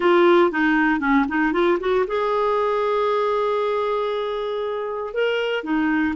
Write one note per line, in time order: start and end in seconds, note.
0.00 0.51 F4
0.51 1.00 D#4
1.00 1.25 C#4
1.28 1.52 D#4
1.52 1.78 F4
1.80 2.05 F#4
2.07 5.13 G#4
5.13 5.63 A#4
5.63 6.14 D#4